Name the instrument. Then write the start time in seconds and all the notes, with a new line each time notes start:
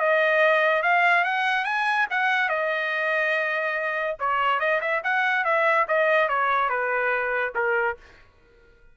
trumpet
0.00 D#5
0.83 F5
1.25 F#5
1.65 G#5
2.11 F#5
2.49 D#5
4.20 C#5
4.60 D#5
4.82 E5
5.04 F#5
5.45 E5
5.88 D#5
6.29 C#5
6.70 B4
7.55 A#4